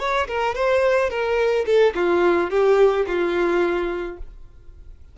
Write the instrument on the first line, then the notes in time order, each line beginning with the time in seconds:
violin
0.00 C#5
0.28 A#4
0.55 C5
1.10 A#4
1.66 A4
1.95 F4
2.51 G4
3.07 F4